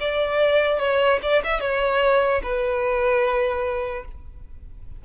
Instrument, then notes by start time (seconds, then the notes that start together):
violin
0.00 D5
0.79 C#5
1.22 D5
1.44 E5
1.61 C#5
2.43 B4